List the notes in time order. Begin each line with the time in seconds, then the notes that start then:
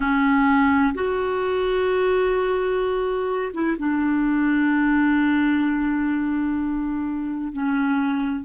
0.00 C#4
0.94 F#4
3.53 E4
3.78 D4
7.53 C#4